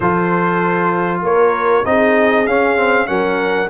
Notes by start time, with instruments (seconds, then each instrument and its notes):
0.00 tuba F3, trombone F4, horn A4, trumpet C5
1.21 tuba A#3, horn A#4, trumpet C#5
1.84 tuba C4, trombone D#4, horn G#4, trumpet D#5
2.47 tuba C#4, trombone C#4, trumpet F5
2.76 trombone C4
3.06 tuba F#3, trombone C#4, horn A#4, trumpet F#5